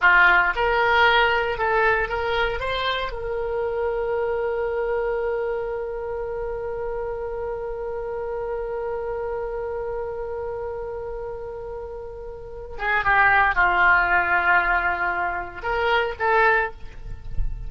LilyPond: \new Staff \with { instrumentName = "oboe" } { \time 4/4 \tempo 4 = 115 f'4 ais'2 a'4 | ais'4 c''4 ais'2~ | ais'1~ | ais'1~ |
ais'1~ | ais'1~ | ais'8 gis'8 g'4 f'2~ | f'2 ais'4 a'4 | }